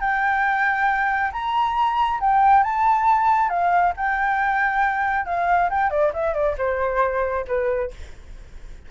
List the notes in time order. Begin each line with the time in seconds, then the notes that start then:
0.00 G5
1.32 A#5
2.20 G5
2.63 A5
3.49 F5
3.96 G5
5.25 F5
5.70 G5
5.90 D5
6.13 E5
6.34 D5
6.58 C5
7.47 B4